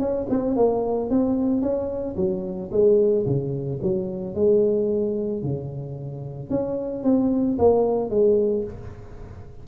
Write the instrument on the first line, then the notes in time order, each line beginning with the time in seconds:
tuba
0.00 C#4
0.30 C4
0.56 A#3
1.11 C4
1.62 C#4
2.17 F#3
2.72 G#3
3.26 C#3
3.83 F#3
4.35 G#3
5.43 C#3
6.51 C#4
7.04 C4
7.59 A#3
8.10 G#3